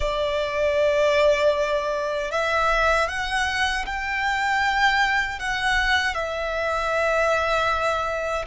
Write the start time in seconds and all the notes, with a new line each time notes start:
0.00 D5
2.31 E5
3.08 F#5
3.85 G5
5.39 F#5
6.14 E5